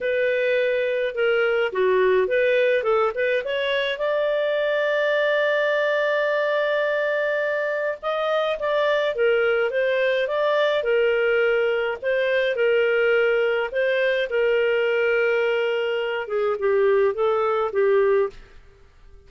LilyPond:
\new Staff \with { instrumentName = "clarinet" } { \time 4/4 \tempo 4 = 105 b'2 ais'4 fis'4 | b'4 a'8 b'8 cis''4 d''4~ | d''1~ | d''2 dis''4 d''4 |
ais'4 c''4 d''4 ais'4~ | ais'4 c''4 ais'2 | c''4 ais'2.~ | ais'8 gis'8 g'4 a'4 g'4 | }